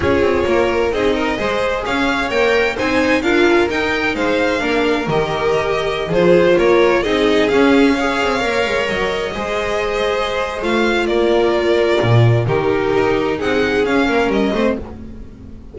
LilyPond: <<
  \new Staff \with { instrumentName = "violin" } { \time 4/4 \tempo 4 = 130 cis''2 dis''2 | f''4 g''4 gis''4 f''4 | g''4 f''2 dis''4~ | dis''4~ dis''16 c''4 cis''4 dis''8.~ |
dis''16 f''2. dis''8.~ | dis''2. f''4 | d''2. ais'4~ | ais'4 fis''4 f''4 dis''4 | }
  \new Staff \with { instrumentName = "violin" } { \time 4/4 gis'4 ais'4 gis'8 ais'8 c''4 | cis''2 c''4 ais'4~ | ais'4 c''4 ais'2~ | ais'4~ ais'16 gis'4 ais'4 gis'8.~ |
gis'4~ gis'16 cis''2~ cis''8.~ | cis''16 c''2.~ c''8. | ais'2. g'4~ | g'4 gis'4. ais'4 c''8 | }
  \new Staff \with { instrumentName = "viola" } { \time 4/4 f'2 dis'4 gis'4~ | gis'4 ais'4 dis'4 f'4 | dis'2 d'4 g'4~ | g'4~ g'16 f'2 dis'8.~ |
dis'16 cis'4 gis'4 ais'4.~ ais'16~ | ais'16 gis'2~ gis'8. f'4~ | f'2. dis'4~ | dis'2 cis'4. c'8 | }
  \new Staff \with { instrumentName = "double bass" } { \time 4/4 cis'8 c'8 ais4 c'4 gis4 | cis'4 ais4 c'4 d'4 | dis'4 gis4 ais4 dis4~ | dis4~ dis16 f4 ais4 c'8.~ |
c'16 cis'4. c'8 ais8 gis8 fis8.~ | fis16 gis2~ gis8. a4 | ais2 ais,4 dis4 | dis'4 c'4 cis'8 ais8 g8 a8 | }
>>